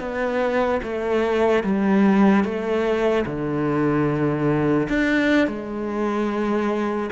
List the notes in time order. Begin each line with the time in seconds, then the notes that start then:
0.00 B3
0.83 A3
1.64 G3
2.45 A3
3.26 D3
4.90 D4
5.48 G#3